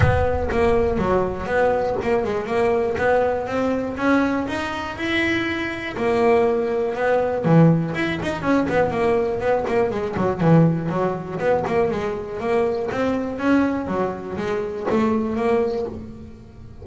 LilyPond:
\new Staff \with { instrumentName = "double bass" } { \time 4/4 \tempo 4 = 121 b4 ais4 fis4 b4 | ais8 gis8 ais4 b4 c'4 | cis'4 dis'4 e'2 | ais2 b4 e4 |
e'8 dis'8 cis'8 b8 ais4 b8 ais8 | gis8 fis8 e4 fis4 b8 ais8 | gis4 ais4 c'4 cis'4 | fis4 gis4 a4 ais4 | }